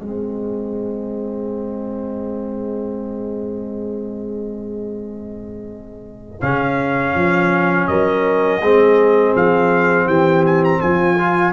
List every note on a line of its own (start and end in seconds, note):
0.00 6.40 G#3
0.00 6.42 C4
0.00 7.88 G#4
0.00 6.41 D#5
6.41 7.15 C#3
6.41 8.62 C#4
6.41 7.88 F5
7.15 7.88 F3
7.88 8.61 F#3
7.88 8.62 A#4
7.88 9.34 D#5
8.61 9.35 G#3
8.61 11.18 C4
8.61 10.07 G#4
9.35 10.06 F3
9.35 10.08 F5
10.06 10.79 E3
10.06 10.80 G4
10.06 10.45 G5
10.46 10.64 G#5
10.64 10.81 A#5
10.81 11.53 F3
10.81 11.53 F4
10.81 11.53 G#5
11.18 11.53 F4